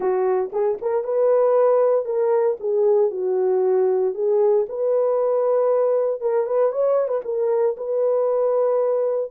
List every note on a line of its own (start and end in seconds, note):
0.00 0.50 F#4
0.52 0.78 G#4
0.81 1.04 A#4
1.04 2.05 B4
2.05 2.57 A#4
2.60 3.11 G#4
3.11 4.14 F#4
4.14 4.66 G#4
4.68 6.21 B4
6.21 6.46 A#4
6.46 6.72 B4
6.72 7.08 C#5
7.08 7.21 B4
7.24 7.76 A#4
7.76 9.31 B4